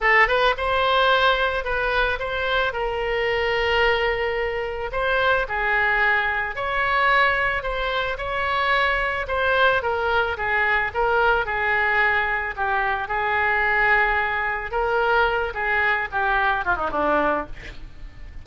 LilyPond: \new Staff \with { instrumentName = "oboe" } { \time 4/4 \tempo 4 = 110 a'8 b'8 c''2 b'4 | c''4 ais'2.~ | ais'4 c''4 gis'2 | cis''2 c''4 cis''4~ |
cis''4 c''4 ais'4 gis'4 | ais'4 gis'2 g'4 | gis'2. ais'4~ | ais'8 gis'4 g'4 f'16 dis'16 d'4 | }